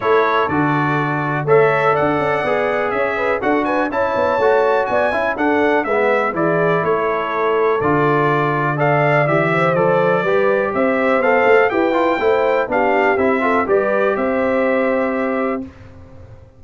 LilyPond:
<<
  \new Staff \with { instrumentName = "trumpet" } { \time 4/4 \tempo 4 = 123 cis''4 d''2 e''4 | fis''2 e''4 fis''8 gis''8 | a''2 gis''4 fis''4 | e''4 d''4 cis''2 |
d''2 f''4 e''4 | d''2 e''4 f''4 | g''2 f''4 e''4 | d''4 e''2. | }
  \new Staff \with { instrumentName = "horn" } { \time 4/4 a'2. cis''4 | d''2 cis''8 b'8 a'8 b'8 | cis''2 d''8 e''8 a'4 | b'4 gis'4 a'2~ |
a'2 d''4. c''8~ | c''4 b'4 c''2 | b'4 c''4 g'4. a'8 | b'4 c''2. | }
  \new Staff \with { instrumentName = "trombone" } { \time 4/4 e'4 fis'2 a'4~ | a'4 gis'2 fis'4 | e'4 fis'4. e'8 d'4 | b4 e'2. |
f'2 a'4 g'4 | a'4 g'2 a'4 | g'8 f'8 e'4 d'4 e'8 f'8 | g'1 | }
  \new Staff \with { instrumentName = "tuba" } { \time 4/4 a4 d2 a4 | d'8 cis'8 b4 cis'4 d'4 | cis'8 b8 a4 b8 cis'8 d'4 | gis4 e4 a2 |
d2. e4 | f4 g4 c'4 b8 a8 | e'4 a4 b4 c'4 | g4 c'2. | }
>>